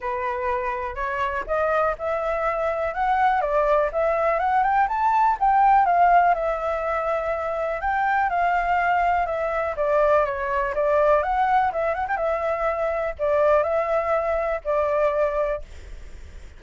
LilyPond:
\new Staff \with { instrumentName = "flute" } { \time 4/4 \tempo 4 = 123 b'2 cis''4 dis''4 | e''2 fis''4 d''4 | e''4 fis''8 g''8 a''4 g''4 | f''4 e''2. |
g''4 f''2 e''4 | d''4 cis''4 d''4 fis''4 | e''8 fis''16 g''16 e''2 d''4 | e''2 d''2 | }